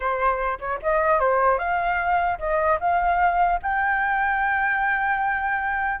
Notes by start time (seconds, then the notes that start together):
0.00 C5
0.59 C#5
0.82 D#5
1.19 C5
1.58 F5
2.38 D#5
2.79 F5
3.62 G5